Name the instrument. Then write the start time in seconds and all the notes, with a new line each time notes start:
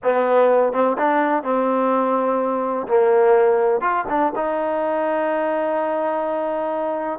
trombone
0.03 B3
0.72 C4
0.98 D4
1.43 C4
2.87 A#3
3.80 F4
4.08 D4
4.35 D#4